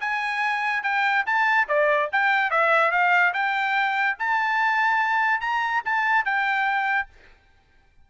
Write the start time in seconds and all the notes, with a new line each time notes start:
0.00 G#5
0.83 G5
1.26 A5
1.68 D5
2.12 G5
2.50 E5
2.91 F5
3.33 G5
4.19 A5
5.41 A#5
5.85 A5
6.25 G5